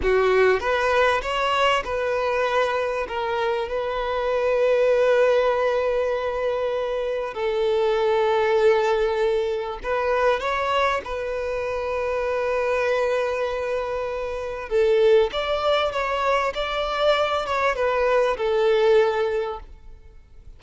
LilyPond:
\new Staff \with { instrumentName = "violin" } { \time 4/4 \tempo 4 = 98 fis'4 b'4 cis''4 b'4~ | b'4 ais'4 b'2~ | b'1 | a'1 |
b'4 cis''4 b'2~ | b'1 | a'4 d''4 cis''4 d''4~ | d''8 cis''8 b'4 a'2 | }